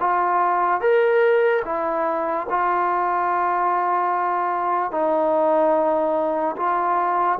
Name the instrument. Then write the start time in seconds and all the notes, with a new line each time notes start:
trombone
0.00 F4
0.80 A#4
1.64 E4
2.49 F4
4.91 D#4
6.56 F4